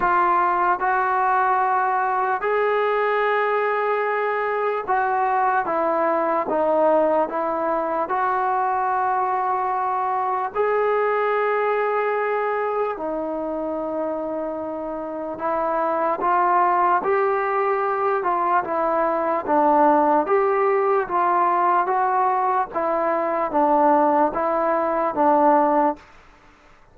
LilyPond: \new Staff \with { instrumentName = "trombone" } { \time 4/4 \tempo 4 = 74 f'4 fis'2 gis'4~ | gis'2 fis'4 e'4 | dis'4 e'4 fis'2~ | fis'4 gis'2. |
dis'2. e'4 | f'4 g'4. f'8 e'4 | d'4 g'4 f'4 fis'4 | e'4 d'4 e'4 d'4 | }